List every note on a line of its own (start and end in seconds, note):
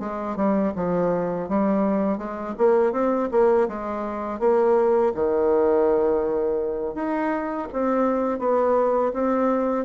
0.00 0.37 G#3
0.37 0.73 G3
0.76 1.49 F3
1.49 2.18 G3
2.18 2.55 G#3
2.58 2.93 A#3
2.93 3.29 C4
3.32 3.68 A#3
3.69 4.40 G#3
4.40 5.13 A#3
5.15 6.95 D#3
6.95 7.68 D#4
7.73 8.39 C4
8.39 9.12 B3
9.14 9.85 C4